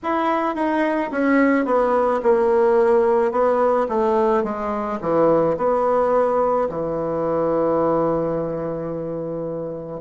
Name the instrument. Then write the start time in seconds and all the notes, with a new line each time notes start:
bassoon
0.03 E4
0.55 D#4
1.11 C#4
1.65 B3
2.22 A#3
3.31 B3
3.88 A3
4.43 G#3
5.01 E3
5.57 B3
6.69 E3